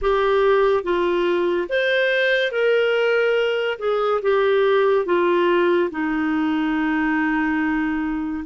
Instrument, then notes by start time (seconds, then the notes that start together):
clarinet
0.01 G4
0.83 F4
1.69 C5
2.51 A#4
3.78 G#4
4.22 G4
5.05 F4
5.90 D#4